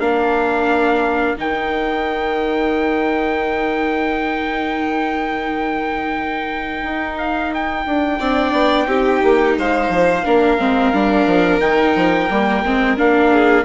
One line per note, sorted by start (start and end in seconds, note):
0.00 1.36 A#3
0.00 1.37 D4
0.00 8.19 A#4
0.00 1.37 F5
1.38 6.83 D#3
1.38 8.20 D#4
1.38 7.18 G5
6.83 7.85 D#4
7.18 7.52 F5
7.54 9.59 G5
7.86 8.20 D4
8.19 8.52 C4
8.19 8.87 D4
8.19 8.87 D5
8.52 8.87 B3
8.87 9.21 C4
8.87 10.23 D#4
8.87 9.56 G4
9.24 9.58 A#3
9.58 9.89 G#3
9.58 10.25 C5
9.58 11.61 F5
9.89 10.23 F3
10.25 10.59 A#3
10.25 10.59 D4
10.25 13.32 A#4
10.59 10.93 G#3
10.59 10.93 C4
10.93 11.26 G3
10.93 11.61 D4
11.26 11.60 F3
11.61 11.95 D#3
11.61 12.29 D#4
11.61 12.97 G5
11.96 12.30 F3
12.30 12.64 G3
12.30 12.64 A#3
12.65 12.98 G#3
12.65 12.97 C4
12.97 13.65 A#3
12.97 13.65 D4
12.97 13.65 F5
13.33 13.65 G#4